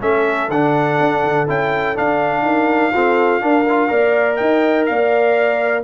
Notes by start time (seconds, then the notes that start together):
0.00 A3 C#4 A4 E5
0.49 D3 D4 F#5
1.00 D4
1.24 D3
1.48 C#4 E4 G5
1.95 D4 F5
2.42 D#4 A#4
2.94 C4 F4 A4
3.41 D4 A#4
3.69 F4
3.88 A#3 A#4 D5
4.37 D#4 D#5 G5
4.86 A#3 D5 F5